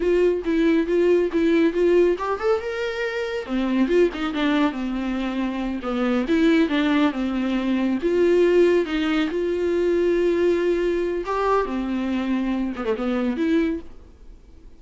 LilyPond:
\new Staff \with { instrumentName = "viola" } { \time 4/4 \tempo 4 = 139 f'4 e'4 f'4 e'4 | f'4 g'8 a'8 ais'2 | c'4 f'8 dis'8 d'4 c'4~ | c'4. b4 e'4 d'8~ |
d'8 c'2 f'4.~ | f'8 dis'4 f'2~ f'8~ | f'2 g'4 c'4~ | c'4. b16 a16 b4 e'4 | }